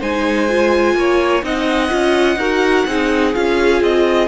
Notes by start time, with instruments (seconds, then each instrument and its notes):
0.00 cello G#3, viola D#4, violin C5 G#5
0.49 viola F4
0.95 cello A#3, violin C#5
1.43 cello C4, viola D#4, violin D#5 F#5
1.89 cello C#4, viola F4
2.37 cello D#4, viola F#4, violin A#4
2.87 cello C4, viola D#4, violin G#4
3.34 cello C#4, viola F4, violin F5
3.81 cello C4, violin D#5